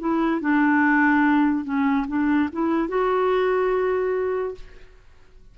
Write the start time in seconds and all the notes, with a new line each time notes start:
0.00 E4
0.41 D4
1.65 C#4
2.08 D4
2.52 E4
2.88 F#4